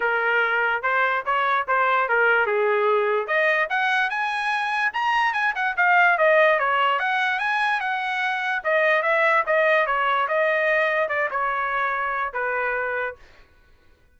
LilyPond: \new Staff \with { instrumentName = "trumpet" } { \time 4/4 \tempo 4 = 146 ais'2 c''4 cis''4 | c''4 ais'4 gis'2 | dis''4 fis''4 gis''2 | ais''4 gis''8 fis''8 f''4 dis''4 |
cis''4 fis''4 gis''4 fis''4~ | fis''4 dis''4 e''4 dis''4 | cis''4 dis''2 d''8 cis''8~ | cis''2 b'2 | }